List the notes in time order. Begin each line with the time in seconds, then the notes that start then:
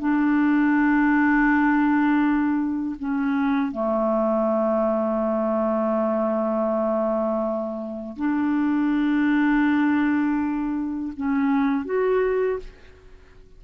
0.00 D4
2.99 C#4
3.72 A3
8.17 D4
11.17 C#4
11.86 F#4